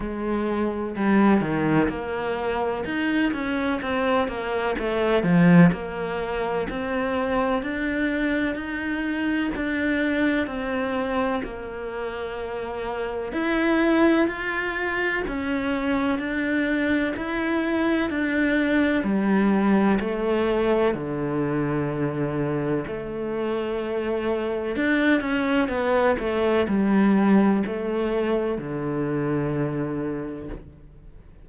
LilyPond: \new Staff \with { instrumentName = "cello" } { \time 4/4 \tempo 4 = 63 gis4 g8 dis8 ais4 dis'8 cis'8 | c'8 ais8 a8 f8 ais4 c'4 | d'4 dis'4 d'4 c'4 | ais2 e'4 f'4 |
cis'4 d'4 e'4 d'4 | g4 a4 d2 | a2 d'8 cis'8 b8 a8 | g4 a4 d2 | }